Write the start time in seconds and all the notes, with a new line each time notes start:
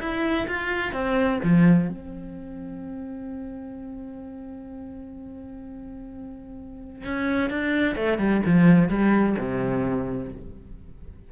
0.00 E4
0.48 F4
0.92 C4
1.43 F3
1.89 C4
7.04 C#4
7.50 D4
7.96 A3
8.18 G3
8.46 F3
8.89 G3
9.38 C3